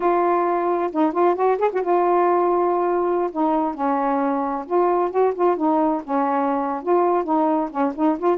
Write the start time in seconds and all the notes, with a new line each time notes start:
0.00 F4
0.92 D#4
1.12 F4
1.35 F#4
1.58 G#4
1.73 F#4
1.82 F4
3.31 D#4
3.74 C#4
4.66 F4
5.11 F#4
5.35 F4
5.56 D#4
6.04 C#4
6.83 F4
7.24 D#4
7.70 C#4
7.95 D#4
8.18 F4